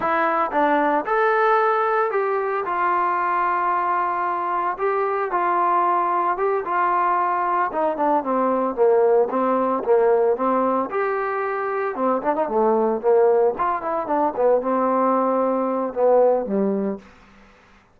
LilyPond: \new Staff \with { instrumentName = "trombone" } { \time 4/4 \tempo 4 = 113 e'4 d'4 a'2 | g'4 f'2.~ | f'4 g'4 f'2 | g'8 f'2 dis'8 d'8 c'8~ |
c'8 ais4 c'4 ais4 c'8~ | c'8 g'2 c'8 d'16 dis'16 a8~ | a8 ais4 f'8 e'8 d'8 b8 c'8~ | c'2 b4 g4 | }